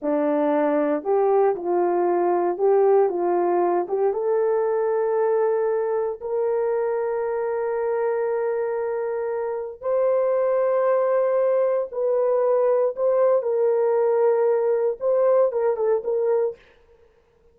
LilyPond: \new Staff \with { instrumentName = "horn" } { \time 4/4 \tempo 4 = 116 d'2 g'4 f'4~ | f'4 g'4 f'4. g'8 | a'1 | ais'1~ |
ais'2. c''4~ | c''2. b'4~ | b'4 c''4 ais'2~ | ais'4 c''4 ais'8 a'8 ais'4 | }